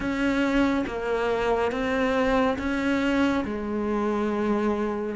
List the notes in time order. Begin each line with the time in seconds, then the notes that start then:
0.00 C#4
0.86 A#3
1.71 C4
2.58 C#4
3.44 G#3